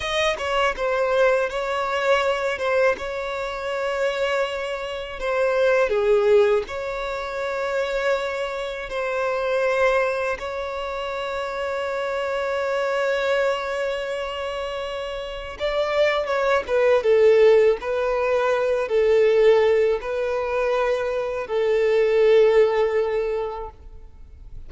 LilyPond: \new Staff \with { instrumentName = "violin" } { \time 4/4 \tempo 4 = 81 dis''8 cis''8 c''4 cis''4. c''8 | cis''2. c''4 | gis'4 cis''2. | c''2 cis''2~ |
cis''1~ | cis''4 d''4 cis''8 b'8 a'4 | b'4. a'4. b'4~ | b'4 a'2. | }